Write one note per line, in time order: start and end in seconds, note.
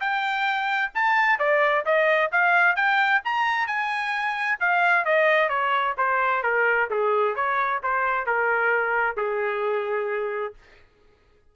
0.00 0.92 G5
0.94 1.38 A5
1.38 1.84 D5
1.85 2.31 D#5
2.32 2.75 F5
2.75 3.21 G5
3.24 3.67 A#5
3.67 4.58 G#5
4.59 5.05 F5
5.05 5.49 D#5
5.49 5.95 C#5
5.97 6.43 C5
6.43 6.88 A#4
6.90 7.35 G#4
7.35 7.81 C#5
7.83 8.26 C5
8.26 9.16 A#4
9.16 10.54 G#4